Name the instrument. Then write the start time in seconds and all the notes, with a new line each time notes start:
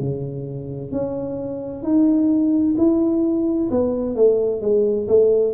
tuba
0.00 C#3
0.92 C#4
1.83 D#4
2.77 E4
3.71 B3
4.16 A3
4.61 G#3
5.08 A3